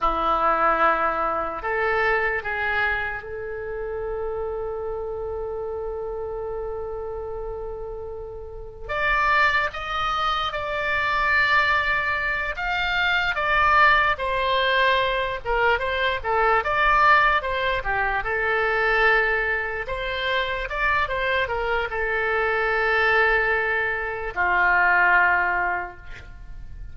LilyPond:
\new Staff \with { instrumentName = "oboe" } { \time 4/4 \tempo 4 = 74 e'2 a'4 gis'4 | a'1~ | a'2. d''4 | dis''4 d''2~ d''8 f''8~ |
f''8 d''4 c''4. ais'8 c''8 | a'8 d''4 c''8 g'8 a'4.~ | a'8 c''4 d''8 c''8 ais'8 a'4~ | a'2 f'2 | }